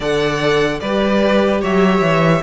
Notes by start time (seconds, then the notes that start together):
0.00 D3 A4 D5 F#5
0.80 G3 G4 B4 D5
1.61 F#3 C#5 E5
2.01 E3